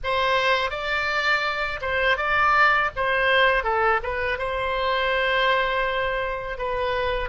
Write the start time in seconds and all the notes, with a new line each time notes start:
0.03 C5
0.70 D5
1.81 C5
2.17 D5
2.95 C5
3.63 A4
4.02 B4
4.38 C5
6.58 B4